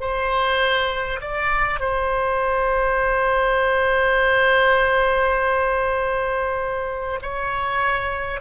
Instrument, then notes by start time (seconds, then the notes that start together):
oboe
0.00 C5
1.21 D5
1.79 C5
7.22 C#5